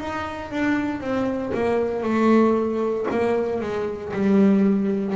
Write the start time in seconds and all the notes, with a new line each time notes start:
0.00 D#4
0.51 D4
1.01 C4
1.54 A#3
2.03 A3
3.10 A#3
3.61 G#3
4.13 G3